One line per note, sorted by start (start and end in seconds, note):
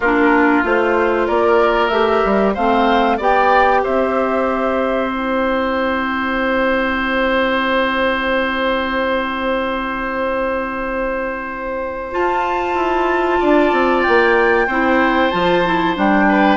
0.00 0.62 A#3
0.00 0.63 D4
0.00 1.27 F4
0.00 0.64 A#4
0.63 1.27 A3
0.63 1.91 F4
0.63 1.27 C5
1.27 1.90 A#3
1.27 2.54 A#4
1.27 1.88 D5
1.88 2.22 A3
1.88 2.55 G4
1.88 2.52 E5
2.24 2.56 G3
2.54 3.19 A3
2.54 3.20 C4
2.54 3.17 C5
2.54 3.18 F5
3.17 3.83 B3
3.17 5.11 G4
3.17 3.81 D5
3.17 3.84 G5
3.83 12.14 C4
3.83 13.40 C5
3.83 5.11 E5
5.11 12.11 E4
5.11 12.13 G5
12.11 14.66 F4
12.11 12.75 F4
12.11 14.03 A5
12.75 13.38 E4
13.40 13.72 D4
13.40 14.66 D5
13.72 14.04 C4
14.03 14.67 A#3
14.03 15.30 G5
14.66 15.31 C4
14.66 15.31 E4
14.66 16.26 C5
15.30 15.97 F3
15.30 15.63 F4
15.30 15.94 A5
15.65 15.95 E4
15.95 16.56 G3
15.95 16.56 D4
15.95 16.56 G5
16.28 16.56 B4